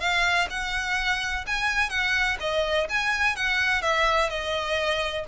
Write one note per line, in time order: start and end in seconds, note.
0.00 0.48 F5
0.50 1.45 F#5
1.47 1.90 G#5
1.90 2.37 F#5
2.40 2.88 D#5
2.89 3.36 G#5
3.36 3.82 F#5
3.82 4.29 E5
4.29 5.25 D#5